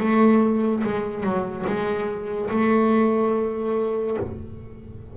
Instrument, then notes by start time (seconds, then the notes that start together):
double bass
0.00 A3
0.84 G#3
1.23 F#3
1.67 G#3
2.50 A3